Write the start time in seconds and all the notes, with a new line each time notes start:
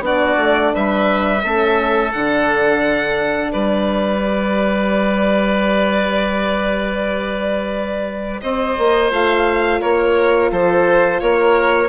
0.00 B3 D4 F#4
0.06 D5
0.37 A3
0.74 G3 B4 E5
1.43 A3 C#4 A4
2.12 D3 D4 F#5
3.52 G3 B4 D5
4.23 G4
8.42 C4 C5 D#5
8.78 A#3
9.11 A3 F4 F5
9.81 A#3 A#4 C#5
10.52 F3 A4 C5
11.21 A#3 A#4 C#5